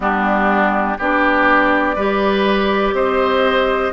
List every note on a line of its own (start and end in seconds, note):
0.00 0.96 G3
0.00 0.97 B3
0.00 0.98 D4
0.00 0.99 G4
0.98 1.95 B3
0.98 1.97 D4
0.98 1.95 G4
0.98 2.95 D5
1.95 2.92 G3
1.95 3.92 G4
1.95 2.93 B4
2.92 3.91 C4
2.92 3.92 C5
2.92 3.92 D#5